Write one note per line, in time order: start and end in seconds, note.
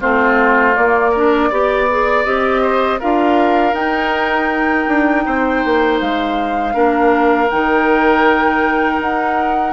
0.00 0.77 A3
0.00 0.75 C4
0.00 1.11 F4
0.00 0.75 C5
0.75 1.14 A#3
0.75 1.51 A#3
0.75 2.24 D5
1.11 1.51 D4
1.11 1.49 A#4
1.50 2.25 B3
1.50 1.88 G4
1.50 2.62 D5
1.90 2.24 G#4
2.24 3.00 C4
2.24 2.99 G4
2.24 2.99 D#5
2.62 2.99 C5
2.99 3.73 D4
2.99 3.73 F4
2.99 5.24 A#4
2.99 3.74 F5
3.73 4.85 D#4
3.73 6.73 D#4
3.73 5.99 G5
4.88 5.25 D4
5.25 5.64 C4
5.25 6.74 C5
5.65 6.01 A#3
6.00 6.75 G#3
6.00 7.50 F5
6.73 7.50 A#3
6.73 7.48 D4
6.73 9.73 A#4
7.50 9.00 D#3
7.50 9.73 D#4
7.50 9.00 G5
9.00 9.73 D#4
9.00 9.73 F#5